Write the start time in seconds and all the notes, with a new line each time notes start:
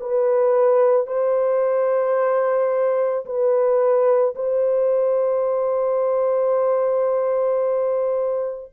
0.00 B4
1.07 C5
3.25 B4
4.35 C5